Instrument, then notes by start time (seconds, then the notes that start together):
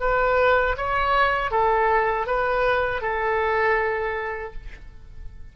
oboe
0.00 B4
0.77 C#5
1.51 A4
2.26 B4
3.01 A4